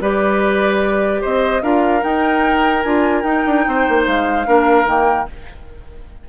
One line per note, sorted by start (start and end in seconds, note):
0.00 1.22 G3
0.00 1.62 G4
0.00 1.21 B4
0.00 1.23 D5
1.21 1.62 C4
1.21 1.61 C5
1.21 1.62 D#5
1.62 2.02 D4
1.62 2.00 F4
1.62 3.65 A#4
1.62 2.03 F5
2.00 2.81 D#4
2.00 2.84 D#4
2.00 2.82 G5
2.82 3.23 D4
2.82 3.24 F4
2.82 3.22 G#5
3.22 3.43 D#4
3.22 4.45 D#4
3.22 4.03 G5
3.46 3.66 D4
3.66 3.87 C4
3.66 4.47 C5
3.88 4.06 A#3
4.06 4.47 G#3
4.06 4.88 F5
4.45 4.85 A#3
4.45 4.86 D4
4.45 5.28 A#4
4.85 5.25 D#3
4.85 5.27 A#3
4.85 5.28 G5